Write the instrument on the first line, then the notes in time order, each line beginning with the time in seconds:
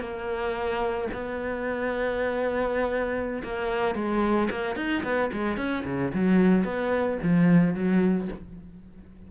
cello
0.00 A#3
1.13 B3
3.43 A#3
3.95 G#3
4.51 A#3
4.76 D#4
5.03 B3
5.32 G#3
5.57 C#4
5.85 C#3
6.14 F#3
6.64 B3
7.22 F3
7.74 F#3